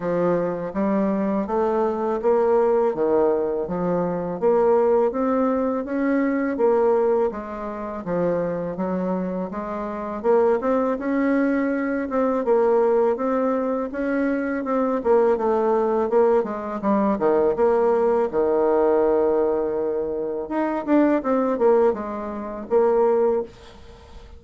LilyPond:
\new Staff \with { instrumentName = "bassoon" } { \time 4/4 \tempo 4 = 82 f4 g4 a4 ais4 | dis4 f4 ais4 c'4 | cis'4 ais4 gis4 f4 | fis4 gis4 ais8 c'8 cis'4~ |
cis'8 c'8 ais4 c'4 cis'4 | c'8 ais8 a4 ais8 gis8 g8 dis8 | ais4 dis2. | dis'8 d'8 c'8 ais8 gis4 ais4 | }